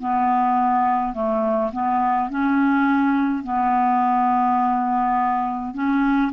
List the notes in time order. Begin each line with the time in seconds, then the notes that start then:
0.00 B3
1.14 A3
1.73 B3
2.30 C#4
3.44 B3
5.74 C#4